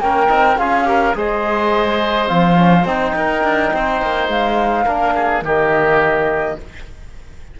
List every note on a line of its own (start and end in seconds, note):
0.00 0.29 A#3
0.00 0.28 C#4
0.00 0.60 A#4
0.00 0.58 G5
0.28 0.58 C4
0.28 0.56 D#4
0.58 1.15 C#4
0.58 0.85 F4
0.58 0.88 G#4
0.58 1.15 F5
0.85 1.13 G4
0.85 1.17 A#4
1.14 2.30 G#3
1.14 2.27 G#4
1.14 3.17 C5
1.14 2.29 D#5
2.27 2.85 F3
2.27 2.55 C4
2.27 2.86 F5
2.56 2.84 C#4
2.85 3.14 C4
2.85 4.86 D#4
2.85 4.29 G5
3.16 3.43 D#4
3.16 3.74 A#4
3.43 3.72 D4
3.74 4.02 C4
3.74 4.85 C5
4.02 4.28 A#3
4.28 4.86 G#3
4.28 5.44 F5
4.85 5.42 A#3
4.85 5.43 D4
4.85 5.14 A#4
5.15 5.44 G#4
5.42 6.56 D#3
5.42 6.59 A#3
5.42 6.59 G4
5.42 6.60 D#5